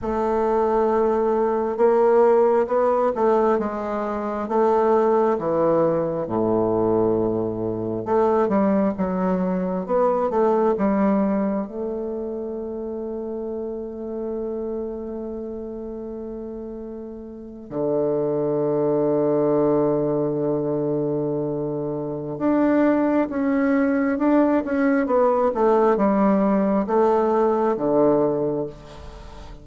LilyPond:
\new Staff \with { instrumentName = "bassoon" } { \time 4/4 \tempo 4 = 67 a2 ais4 b8 a8 | gis4 a4 e4 a,4~ | a,4 a8 g8 fis4 b8 a8 | g4 a2.~ |
a2.~ a8. d16~ | d1~ | d4 d'4 cis'4 d'8 cis'8 | b8 a8 g4 a4 d4 | }